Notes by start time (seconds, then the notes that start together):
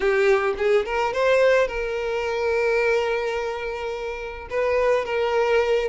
0.00 G4
0.57 G#4
0.85 A#4
1.13 C5
1.67 A#4
4.50 B4
5.05 A#4